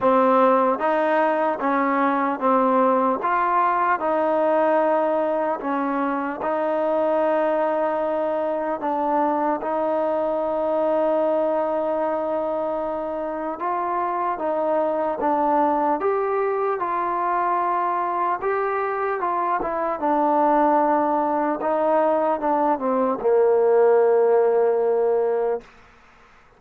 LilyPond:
\new Staff \with { instrumentName = "trombone" } { \time 4/4 \tempo 4 = 75 c'4 dis'4 cis'4 c'4 | f'4 dis'2 cis'4 | dis'2. d'4 | dis'1~ |
dis'4 f'4 dis'4 d'4 | g'4 f'2 g'4 | f'8 e'8 d'2 dis'4 | d'8 c'8 ais2. | }